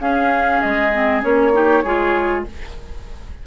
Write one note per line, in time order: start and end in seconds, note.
0.00 0.61 C#4
0.00 0.92 C#4
0.00 1.53 G#4
0.00 0.61 F5
0.61 1.24 G#3
0.61 1.22 D#5
0.93 1.22 C4
1.22 1.84 A#3
1.22 1.53 C#4
1.22 2.44 C#5
1.53 1.83 D#4
1.53 1.84 G4
1.84 2.45 G#3
1.84 2.47 F4
1.84 2.44 G#4